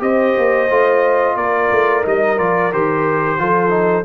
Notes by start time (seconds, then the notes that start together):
0.00 C4 G4 C5 D#5
0.38 A#3
0.70 A3 F4
1.36 A#3 A#4 D5
1.72 A3
2.03 G3 D#4 D#5
2.38 F3 F4 D5
2.73 D#3 G4 C5
3.38 F3 F4 A4
3.70 D#4